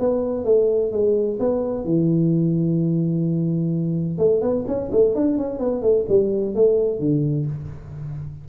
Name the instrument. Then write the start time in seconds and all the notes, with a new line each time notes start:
tuba
0.00 B3
0.45 A3
0.92 G#3
1.40 B3
1.85 E3
4.19 A3
4.42 B3
4.68 C#4
4.92 A3
5.15 D4
5.38 C#4
5.59 B3
5.83 A3
6.09 G3
6.55 A3
7.00 D3